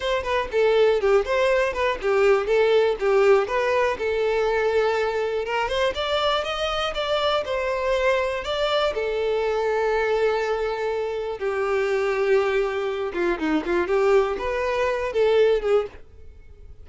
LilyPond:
\new Staff \with { instrumentName = "violin" } { \time 4/4 \tempo 4 = 121 c''8 b'8 a'4 g'8 c''4 b'8 | g'4 a'4 g'4 b'4 | a'2. ais'8 c''8 | d''4 dis''4 d''4 c''4~ |
c''4 d''4 a'2~ | a'2. g'4~ | g'2~ g'8 f'8 dis'8 f'8 | g'4 b'4. a'4 gis'8 | }